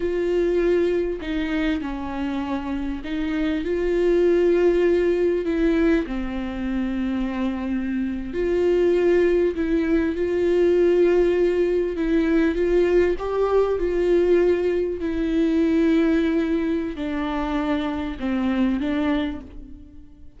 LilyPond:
\new Staff \with { instrumentName = "viola" } { \time 4/4 \tempo 4 = 99 f'2 dis'4 cis'4~ | cis'4 dis'4 f'2~ | f'4 e'4 c'2~ | c'4.~ c'16 f'2 e'16~ |
e'8. f'2. e'16~ | e'8. f'4 g'4 f'4~ f'16~ | f'8. e'2.~ e'16 | d'2 c'4 d'4 | }